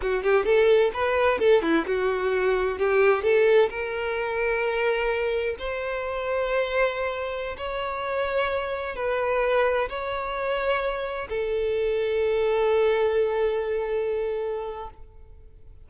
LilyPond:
\new Staff \with { instrumentName = "violin" } { \time 4/4 \tempo 4 = 129 fis'8 g'8 a'4 b'4 a'8 e'8 | fis'2 g'4 a'4 | ais'1 | c''1~ |
c''16 cis''2. b'8.~ | b'4~ b'16 cis''2~ cis''8.~ | cis''16 a'2.~ a'8.~ | a'1 | }